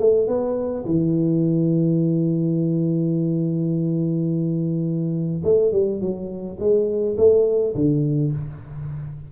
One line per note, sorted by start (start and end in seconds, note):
0.00 0.28 A3
0.28 0.85 B3
0.86 5.43 E3
5.44 5.72 A3
5.72 6.01 G3
6.01 6.58 F#3
6.60 7.17 G#3
7.18 7.75 A3
7.75 8.32 D3